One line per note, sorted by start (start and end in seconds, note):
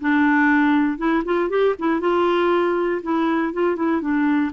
0.00 0.98 D4
0.98 1.23 E4
1.25 1.49 F4
1.49 1.74 G4
1.79 2.00 E4
2.00 3.01 F4
3.03 3.53 E4
3.53 3.76 F4
3.76 4.01 E4
4.01 4.51 D4